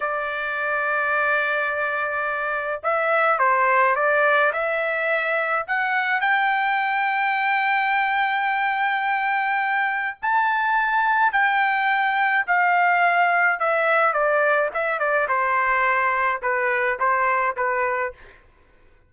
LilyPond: \new Staff \with { instrumentName = "trumpet" } { \time 4/4 \tempo 4 = 106 d''1~ | d''4 e''4 c''4 d''4 | e''2 fis''4 g''4~ | g''1~ |
g''2 a''2 | g''2 f''2 | e''4 d''4 e''8 d''8 c''4~ | c''4 b'4 c''4 b'4 | }